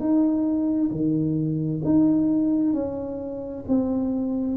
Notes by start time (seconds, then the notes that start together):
0.00 D#4
0.91 D#3
1.85 D#4
2.74 C#4
3.68 C4